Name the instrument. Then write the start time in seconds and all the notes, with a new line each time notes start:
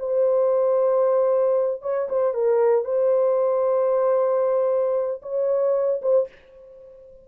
horn
0.00 C5
1.82 C#5
2.09 C5
2.34 A#4
2.85 C5
5.23 C#5
6.02 C5